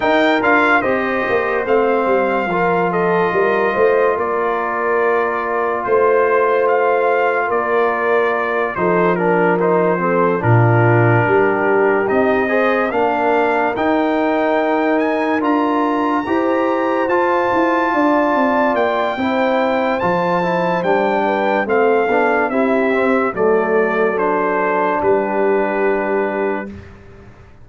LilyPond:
<<
  \new Staff \with { instrumentName = "trumpet" } { \time 4/4 \tempo 4 = 72 g''8 f''8 dis''4 f''4. dis''8~ | dis''4 d''2 c''4 | f''4 d''4. c''8 ais'8 c''8~ | c''8 ais'2 dis''4 f''8~ |
f''8 g''4. gis''8 ais''4.~ | ais''8 a''2 g''4. | a''4 g''4 f''4 e''4 | d''4 c''4 b'2 | }
  \new Staff \with { instrumentName = "horn" } { \time 4/4 ais'4 c''2 ais'8 a'8 | ais'8 c''8 ais'2 c''4~ | c''4 ais'4. a'8 ais'4 | a'8 f'4 g'4. c''8 ais'8~ |
ais'2.~ ais'8 c''8~ | c''4. d''4. c''4~ | c''4. b'8 a'4 g'4 | a'2 g'2 | }
  \new Staff \with { instrumentName = "trombone" } { \time 4/4 dis'8 f'8 g'4 c'4 f'4~ | f'1~ | f'2~ f'8 dis'8 d'8 dis'8 | c'8 d'2 dis'8 gis'8 d'8~ |
d'8 dis'2 f'4 g'8~ | g'8 f'2~ f'8 e'4 | f'8 e'8 d'4 c'8 d'8 e'8 c'8 | a4 d'2. | }
  \new Staff \with { instrumentName = "tuba" } { \time 4/4 dis'8 d'8 c'8 ais8 a8 g8 f4 | g8 a8 ais2 a4~ | a4 ais4. f4.~ | f8 ais,4 g4 c'4 ais8~ |
ais8 dis'2 d'4 e'8~ | e'8 f'8 e'8 d'8 c'8 ais8 c'4 | f4 g4 a8 b8 c'4 | fis2 g2 | }
>>